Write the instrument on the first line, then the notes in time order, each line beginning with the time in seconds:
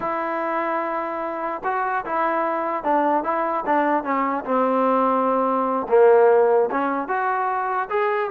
trombone
0.00 E4
1.64 F#4
2.05 E4
2.83 D4
3.23 E4
3.66 D4
4.03 C#4
4.45 C4
5.88 A#3
6.71 C#4
7.07 F#4
7.89 G#4